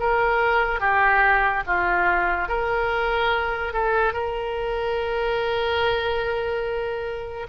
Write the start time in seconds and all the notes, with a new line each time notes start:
0.00 A#4
0.80 G4
1.67 F4
2.48 A#4
3.73 A4
4.13 A#4